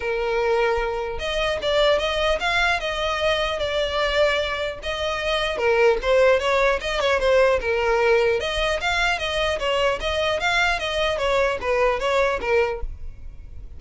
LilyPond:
\new Staff \with { instrumentName = "violin" } { \time 4/4 \tempo 4 = 150 ais'2. dis''4 | d''4 dis''4 f''4 dis''4~ | dis''4 d''2. | dis''2 ais'4 c''4 |
cis''4 dis''8 cis''8 c''4 ais'4~ | ais'4 dis''4 f''4 dis''4 | cis''4 dis''4 f''4 dis''4 | cis''4 b'4 cis''4 ais'4 | }